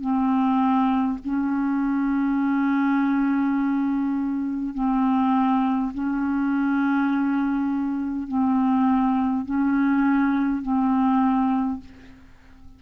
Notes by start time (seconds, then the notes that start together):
0.00 C4
1.24 C#4
4.74 C4
5.94 C#4
8.27 C4
9.45 C#4
10.62 C4